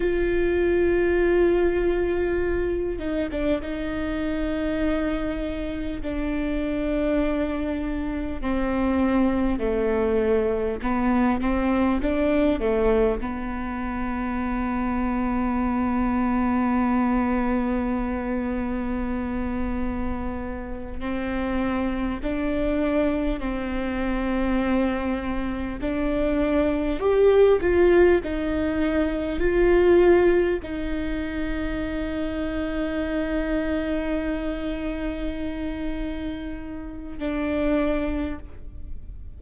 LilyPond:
\new Staff \with { instrumentName = "viola" } { \time 4/4 \tempo 4 = 50 f'2~ f'8 dis'16 d'16 dis'4~ | dis'4 d'2 c'4 | a4 b8 c'8 d'8 a8 b4~ | b1~ |
b4. c'4 d'4 c'8~ | c'4. d'4 g'8 f'8 dis'8~ | dis'8 f'4 dis'2~ dis'8~ | dis'2. d'4 | }